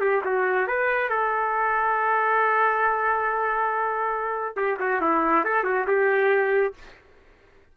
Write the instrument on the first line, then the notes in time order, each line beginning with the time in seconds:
trumpet
0.00 G4
0.24 F#4
0.67 B4
1.09 A4
4.56 G4
4.79 F#4
5.01 E4
5.44 A4
5.64 F#4
5.87 G4